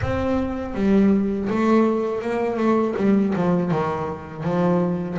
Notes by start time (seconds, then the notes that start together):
0.01 C4
0.74 G3
1.49 A3
2.21 A#3
2.57 A3
2.96 G3
3.35 F3
3.71 D#3
4.43 F3